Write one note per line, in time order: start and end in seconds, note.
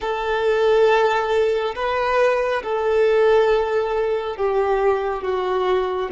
0.00 1.74 A4
1.75 2.62 B4
2.62 4.36 A4
4.36 5.22 G4
5.22 6.09 F#4